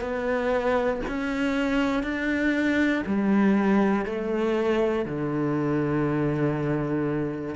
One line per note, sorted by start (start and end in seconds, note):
0.00 1.00 B3
1.08 2.03 C#4
2.03 3.03 D4
3.05 4.05 G3
4.05 5.05 A3
5.05 7.55 D3